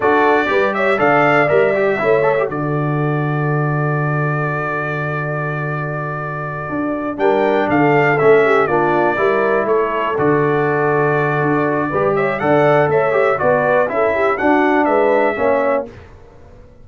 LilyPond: <<
  \new Staff \with { instrumentName = "trumpet" } { \time 4/4 \tempo 4 = 121 d''4. e''8 f''4 e''4~ | e''4 d''2.~ | d''1~ | d''2~ d''8 g''4 f''8~ |
f''8 e''4 d''2 cis''8~ | cis''8 d''2.~ d''8~ | d''8 e''8 fis''4 e''4 d''4 | e''4 fis''4 e''2 | }
  \new Staff \with { instrumentName = "horn" } { \time 4/4 a'4 b'8 cis''8 d''2 | cis''4 a'2.~ | a'1~ | a'2~ a'8 ais'4 a'8~ |
a'4 g'8 f'4 ais'4 a'8~ | a'1 | b'8 cis''8 d''4 cis''4 b'4 | a'8 g'8 fis'4 b'4 cis''4 | }
  \new Staff \with { instrumentName = "trombone" } { \time 4/4 fis'4 g'4 a'4 ais'8 g'8 | e'8 a'16 g'16 fis'2.~ | fis'1~ | fis'2~ fis'8 d'4.~ |
d'8 cis'4 d'4 e'4.~ | e'8 fis'2.~ fis'8 | g'4 a'4. g'8 fis'4 | e'4 d'2 cis'4 | }
  \new Staff \with { instrumentName = "tuba" } { \time 4/4 d'4 g4 d4 g4 | a4 d2.~ | d1~ | d4. d'4 g4 d8~ |
d8 a4 ais4 g4 a8~ | a8 d2~ d8 d'4 | g4 d4 a4 b4 | cis'4 d'4 gis4 ais4 | }
>>